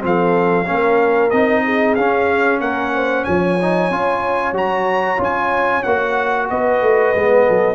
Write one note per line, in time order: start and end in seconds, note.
0.00 0.68 F3
0.00 0.65 C4
0.00 0.66 A4
0.00 1.30 F5
0.66 1.32 A#3
0.66 1.30 C#4
0.66 1.63 A#4
1.30 1.97 C4
1.30 1.97 D#4
1.30 1.95 D#5
1.65 2.61 G#4
1.95 2.61 C#4
1.95 3.59 C#4
1.95 2.60 F5
2.61 3.25 A#3
2.61 2.93 A#4
2.61 3.24 F#5
2.95 3.25 C5
3.24 3.90 F3
3.24 6.47 C#5
3.24 4.53 G#5
3.61 3.92 D#4
3.90 4.53 C#4
3.90 4.53 F4
4.53 5.17 F#3
4.53 5.18 F#4
4.53 5.22 A#5
5.18 5.83 C#4
5.18 5.82 F4
5.18 5.83 G#5
5.83 6.50 A#3
5.83 7.16 F#4
5.83 6.48 F#5
6.50 6.82 B3
6.50 7.46 B4
6.50 7.75 D#5
6.82 7.14 A3
7.15 7.47 G#3
7.15 7.75 B3
7.46 7.75 F#3
7.46 7.75 A4